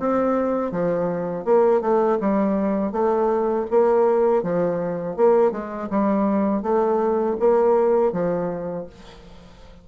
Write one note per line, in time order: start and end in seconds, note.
0.00 0.72 C4
0.72 1.45 F3
1.45 1.81 A#3
1.81 2.19 A3
2.21 2.93 G3
2.93 3.67 A3
3.71 4.43 A#3
4.43 5.17 F3
5.17 5.52 A#3
5.52 5.89 G#3
5.91 6.63 G3
6.63 7.37 A3
7.40 8.13 A#3
8.13 8.87 F3